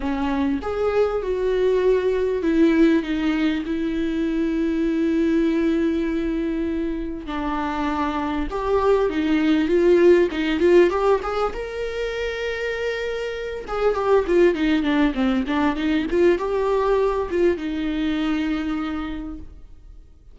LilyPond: \new Staff \with { instrumentName = "viola" } { \time 4/4 \tempo 4 = 99 cis'4 gis'4 fis'2 | e'4 dis'4 e'2~ | e'1 | d'2 g'4 dis'4 |
f'4 dis'8 f'8 g'8 gis'8 ais'4~ | ais'2~ ais'8 gis'8 g'8 f'8 | dis'8 d'8 c'8 d'8 dis'8 f'8 g'4~ | g'8 f'8 dis'2. | }